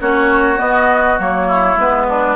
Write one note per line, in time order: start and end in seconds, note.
0.00 0.60 A#3
0.00 0.57 C#4
0.00 1.48 F#4
0.00 0.60 C#5
0.57 1.16 B3
0.57 1.19 B3
0.57 1.19 D#5
1.19 1.77 F#3
1.19 1.78 A#3
1.19 1.79 C#5
1.48 2.07 E4
1.77 2.36 G#3
1.77 2.36 B3
1.77 2.36 B4
2.09 2.36 D4